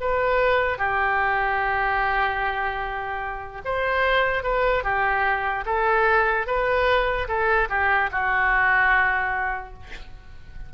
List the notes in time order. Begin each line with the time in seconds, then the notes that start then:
0.00 B4
0.78 G4
3.65 C5
4.43 B4
4.83 G4
5.65 A4
6.46 B4
7.28 A4
7.69 G4
8.11 F#4